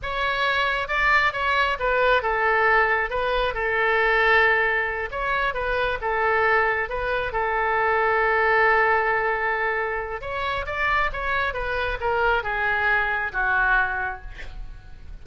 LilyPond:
\new Staff \with { instrumentName = "oboe" } { \time 4/4 \tempo 4 = 135 cis''2 d''4 cis''4 | b'4 a'2 b'4 | a'2.~ a'8 cis''8~ | cis''8 b'4 a'2 b'8~ |
b'8 a'2.~ a'8~ | a'2. cis''4 | d''4 cis''4 b'4 ais'4 | gis'2 fis'2 | }